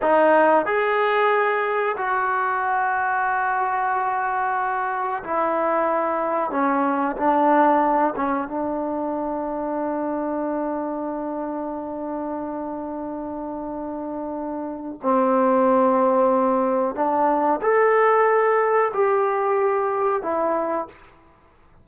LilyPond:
\new Staff \with { instrumentName = "trombone" } { \time 4/4 \tempo 4 = 92 dis'4 gis'2 fis'4~ | fis'1 | e'2 cis'4 d'4~ | d'8 cis'8 d'2.~ |
d'1~ | d'2. c'4~ | c'2 d'4 a'4~ | a'4 g'2 e'4 | }